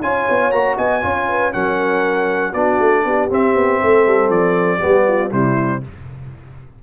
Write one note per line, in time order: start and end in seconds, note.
0.00 0.25 C#4
0.00 0.52 F4
0.00 0.77 C#5
0.00 0.51 G#5
0.29 0.51 B3
0.51 0.76 A#3
0.51 1.02 F#4
0.51 0.76 A#5
0.77 1.03 B3
0.77 1.02 D#5
0.77 1.53 G#5
1.02 1.54 C#4
1.02 1.52 F4
1.02 1.27 C#5
1.28 1.53 B4
1.52 2.53 F#3
1.52 2.53 C#4
1.52 2.53 A#4
1.52 2.53 F#5
2.53 2.79 B3
2.53 3.30 D4
2.53 3.03 F#4
2.53 3.28 D5
2.79 3.04 A3
3.04 3.29 B3
3.04 3.81 G4
3.30 4.80 C4
3.30 3.55 C4
3.30 4.30 E5
3.55 3.80 B3
3.81 4.06 A3
3.81 4.78 A4
4.06 4.29 G3
4.29 4.79 F3
4.29 5.31 D5
4.78 5.32 G3
4.78 5.30 B3
4.78 5.04 G4
5.07 5.31 F4
5.31 5.83 C3
5.31 5.82 G3
5.31 5.82 E4
5.31 5.83 C5